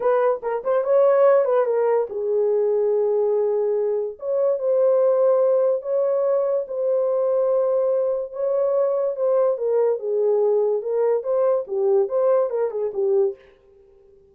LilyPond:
\new Staff \with { instrumentName = "horn" } { \time 4/4 \tempo 4 = 144 b'4 ais'8 c''8 cis''4. b'8 | ais'4 gis'2.~ | gis'2 cis''4 c''4~ | c''2 cis''2 |
c''1 | cis''2 c''4 ais'4 | gis'2 ais'4 c''4 | g'4 c''4 ais'8 gis'8 g'4 | }